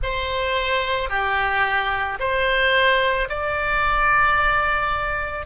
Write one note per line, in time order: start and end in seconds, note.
0.02 1.09 C5
1.09 2.18 G4
2.19 3.28 C5
3.29 5.45 D5